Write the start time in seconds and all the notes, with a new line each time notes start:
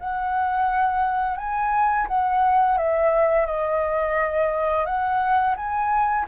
0.00 F#5
1.38 G#5
2.08 F#5
2.78 E5
3.46 D#5
4.86 F#5
5.57 G#5